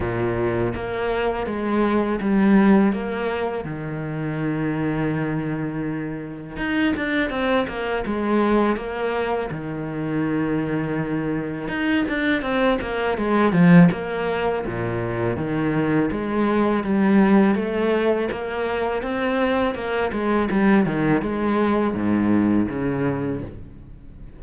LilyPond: \new Staff \with { instrumentName = "cello" } { \time 4/4 \tempo 4 = 82 ais,4 ais4 gis4 g4 | ais4 dis2.~ | dis4 dis'8 d'8 c'8 ais8 gis4 | ais4 dis2. |
dis'8 d'8 c'8 ais8 gis8 f8 ais4 | ais,4 dis4 gis4 g4 | a4 ais4 c'4 ais8 gis8 | g8 dis8 gis4 gis,4 cis4 | }